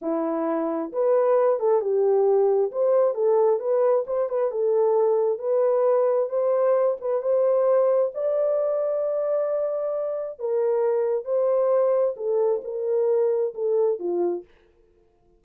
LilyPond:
\new Staff \with { instrumentName = "horn" } { \time 4/4 \tempo 4 = 133 e'2 b'4. a'8 | g'2 c''4 a'4 | b'4 c''8 b'8 a'2 | b'2 c''4. b'8 |
c''2 d''2~ | d''2. ais'4~ | ais'4 c''2 a'4 | ais'2 a'4 f'4 | }